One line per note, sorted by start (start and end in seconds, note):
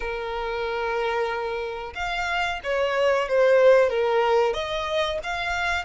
0.00 1.93 A#4
1.94 2.59 F5
2.63 3.28 C#5
3.28 3.89 C5
3.89 4.53 A#4
4.53 5.18 D#5
5.23 5.85 F5